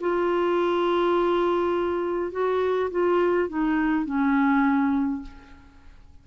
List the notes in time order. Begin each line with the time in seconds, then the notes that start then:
0.00 F4
2.31 F#4
2.91 F4
3.49 D#4
4.05 C#4